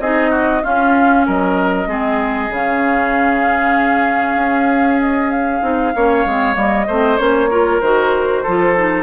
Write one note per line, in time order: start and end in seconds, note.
0.00 0.62 C4
0.00 0.63 D#4
0.00 0.31 G#4
0.00 0.64 D#5
0.31 0.62 F#4
0.63 1.88 C#4
0.63 1.28 C#4
0.63 1.27 F4
0.63 1.26 F5
1.27 1.87 F#3
1.27 1.89 A#4
1.27 2.54 D#5
1.87 2.50 G#3
1.87 2.50 C4
1.87 5.95 G#4
2.50 4.37 C#3
2.50 5.62 C#4
2.50 5.01 F5
4.37 5.62 C#4
5.01 5.31 D#5
5.31 6.56 F5
5.62 5.93 C4
5.62 5.93 D#4
5.96 6.26 A#3
5.96 6.28 C#4
5.96 6.88 C#5
6.26 6.56 G#3
6.26 6.54 C4
6.54 6.88 G3
6.54 6.85 A#3
6.54 7.18 D#5
6.88 7.20 A3
6.88 7.18 C4
6.88 7.50 C5
7.18 7.82 A#3
7.18 7.49 C#4
7.18 7.80 C#5
7.51 7.82 F4
7.51 8.43 A#4
7.81 8.44 D#3
7.81 8.46 F#4
7.81 9.04 C5
8.43 9.04 F3
8.43 8.76 F4
8.43 9.04 A4
8.76 9.04 D#4